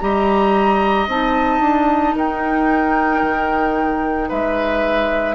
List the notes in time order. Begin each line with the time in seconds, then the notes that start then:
0.00 G3 G4 D#5 A#5
1.07 C4 D#4 A5
1.60 D4
2.16 D#4 A#4 G5
3.23 D#3
4.29 G#3 B4 E5